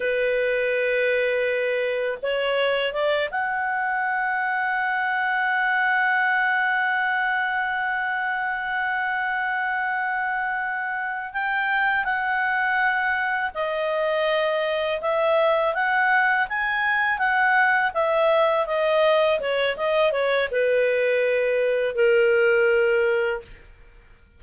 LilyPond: \new Staff \with { instrumentName = "clarinet" } { \time 4/4 \tempo 4 = 82 b'2. cis''4 | d''8 fis''2.~ fis''8~ | fis''1~ | fis''2.~ fis''8 g''8~ |
g''8 fis''2 dis''4.~ | dis''8 e''4 fis''4 gis''4 fis''8~ | fis''8 e''4 dis''4 cis''8 dis''8 cis''8 | b'2 ais'2 | }